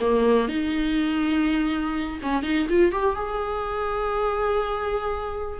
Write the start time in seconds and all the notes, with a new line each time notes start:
0.00 A#3
0.48 D#4
2.22 C#4
2.43 D#4
2.69 F4
2.92 G4
3.15 G#4